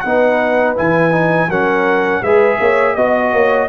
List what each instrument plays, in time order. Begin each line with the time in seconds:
0.00 tuba B3, trombone D#4, horn B4, trumpet F#5
0.76 tuba E3, trombone E4, trumpet G#5
1.12 trombone D#4
1.48 tuba F#3, trombone C#4, horn A#4, trumpet F#5
2.22 tuba G#3, trombone G#4, horn B4, trumpet E5
2.60 tuba A#3, horn C#5
2.94 tuba B3, trombone F#4, horn D#5, trumpet D#5
3.33 tuba A#3, horn C#5